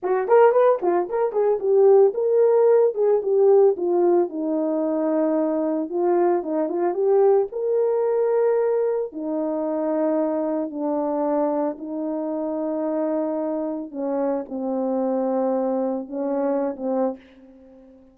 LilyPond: \new Staff \with { instrumentName = "horn" } { \time 4/4 \tempo 4 = 112 fis'8 ais'8 b'8 f'8 ais'8 gis'8 g'4 | ais'4. gis'8 g'4 f'4 | dis'2. f'4 | dis'8 f'8 g'4 ais'2~ |
ais'4 dis'2. | d'2 dis'2~ | dis'2 cis'4 c'4~ | c'2 cis'4~ cis'16 c'8. | }